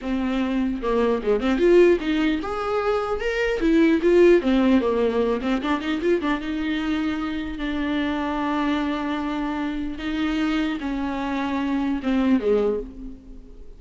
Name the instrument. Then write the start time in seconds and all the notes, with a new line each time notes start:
viola
0.01 C4
0.81 A#3
1.23 G#3
1.40 C4
1.58 F4
2.00 D#4
2.42 G#4
3.20 A#4
3.60 E4
4.02 F4
4.41 C4
4.80 A#3
5.41 C4
5.62 D4
5.80 D#4
6.01 F4
6.21 D4
6.41 D#4
7.58 D4
9.98 D#4
10.80 C#4
12.03 C4
12.40 G#3